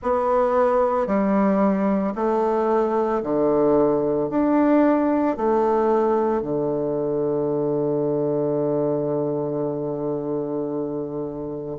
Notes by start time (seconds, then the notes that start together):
0.02 B3
1.06 G3
2.15 A3
3.22 D3
4.29 D4
5.36 A3
6.41 D3